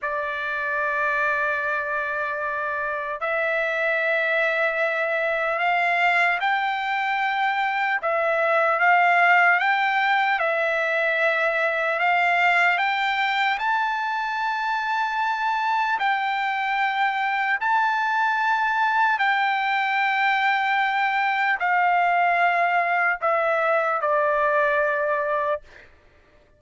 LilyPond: \new Staff \with { instrumentName = "trumpet" } { \time 4/4 \tempo 4 = 75 d''1 | e''2. f''4 | g''2 e''4 f''4 | g''4 e''2 f''4 |
g''4 a''2. | g''2 a''2 | g''2. f''4~ | f''4 e''4 d''2 | }